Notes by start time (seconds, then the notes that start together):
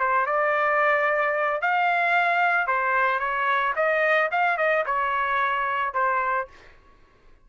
0.00 C5
0.26 D5
1.62 F5
2.67 C5
3.19 C#5
3.76 D#5
4.31 F5
4.57 D#5
4.86 C#5
5.94 C5